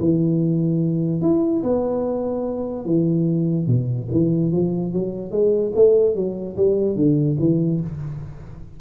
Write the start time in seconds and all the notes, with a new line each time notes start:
0.00 E3
1.22 E4
1.63 B3
2.85 E3
3.67 B2
4.11 E3
4.52 F3
4.93 F#3
5.31 G#3
5.75 A3
6.15 F#3
6.56 G3
6.96 D3
7.40 E3